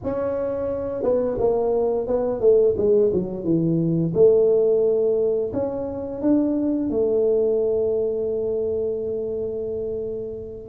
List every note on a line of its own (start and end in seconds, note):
0.03 1.03 C#4
1.03 1.37 B3
1.38 2.07 A#3
2.07 2.40 B3
2.40 2.75 A3
2.77 3.11 G#3
3.13 3.44 F#3
3.44 4.13 E3
4.13 5.51 A3
5.53 6.21 C#4
6.21 6.90 D4
6.90 10.68 A3